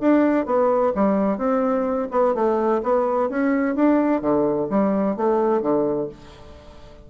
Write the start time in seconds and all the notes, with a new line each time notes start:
0.00 D4
0.45 B3
0.95 G3
1.37 C4
2.11 B3
2.34 A3
2.83 B3
3.29 C#4
3.75 D4
4.21 D3
4.69 G3
5.16 A3
5.61 D3